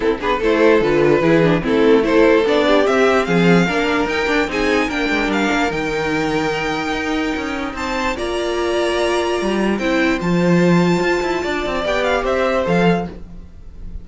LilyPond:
<<
  \new Staff \with { instrumentName = "violin" } { \time 4/4 \tempo 4 = 147 a'8 b'8 c''4 b'2 | a'4 c''4 d''4 e''4 | f''2 g''4 gis''4 | g''4 f''4 g''2~ |
g''2. a''4 | ais''1 | g''4 a''2.~ | a''4 g''8 f''8 e''4 f''4 | }
  \new Staff \with { instrumentName = "violin" } { \time 4/4 e'8 gis'8 a'2 gis'4 | e'4 a'4. g'4. | gis'4 ais'2 gis'4 | ais'1~ |
ais'2. c''4 | d''1 | c''1 | d''2 c''2 | }
  \new Staff \with { instrumentName = "viola" } { \time 4/4 c'8 d'8 e'4 f'4 e'8 d'8 | c'4 e'4 d'4 c'4~ | c'4 d'4 dis'8 d'8 dis'4 | d'2 dis'2~ |
dis'1 | f'1 | e'4 f'2.~ | f'4 g'2 a'4 | }
  \new Staff \with { instrumentName = "cello" } { \time 4/4 c'8 b8 a4 d4 e4 | a2 b4 c'4 | f4 ais4 dis'8 d'8 c'4 | ais8 gis8 g8 ais8 dis2~ |
dis4 dis'4 cis'4 c'4 | ais2. g4 | c'4 f2 f'8 e'8 | d'8 c'8 b4 c'4 f4 | }
>>